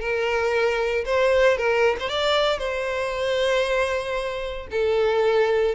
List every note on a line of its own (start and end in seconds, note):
0.00 1.04 A#4
1.05 1.57 C5
1.57 1.96 A#4
1.99 2.09 C5
2.09 2.58 D5
2.58 4.67 C5
4.71 5.75 A4